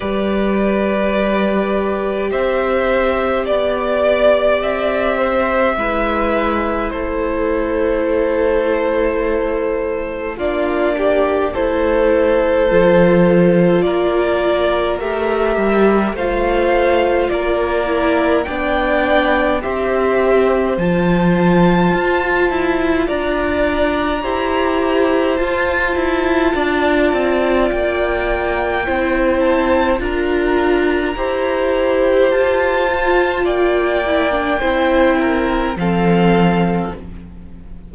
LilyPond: <<
  \new Staff \with { instrumentName = "violin" } { \time 4/4 \tempo 4 = 52 d''2 e''4 d''4 | e''2 c''2~ | c''4 d''4 c''2 | d''4 e''4 f''4 d''4 |
g''4 e''4 a''2 | ais''2 a''2 | g''4. a''8 ais''2 | a''4 g''2 f''4 | }
  \new Staff \with { instrumentName = "violin" } { \time 4/4 b'2 c''4 d''4~ | d''8 c''8 b'4 a'2~ | a'4 f'8 g'8 a'2 | ais'2 c''4 ais'4 |
d''4 c''2. | d''4 c''2 d''4~ | d''4 c''4 ais'4 c''4~ | c''4 d''4 c''8 ais'8 a'4 | }
  \new Staff \with { instrumentName = "viola" } { \time 4/4 g'1~ | g'4 e'2.~ | e'4 d'4 e'4 f'4~ | f'4 g'4 f'4. e'8 |
d'4 g'4 f'2~ | f'4 g'4 f'2~ | f'4 e'4 f'4 g'4~ | g'8 f'4 e'16 d'16 e'4 c'4 | }
  \new Staff \with { instrumentName = "cello" } { \time 4/4 g2 c'4 b4 | c'4 gis4 a2~ | a4 ais4 a4 f4 | ais4 a8 g8 a4 ais4 |
b4 c'4 f4 f'8 e'8 | d'4 e'4 f'8 e'8 d'8 c'8 | ais4 c'4 d'4 e'4 | f'4 ais4 c'4 f4 | }
>>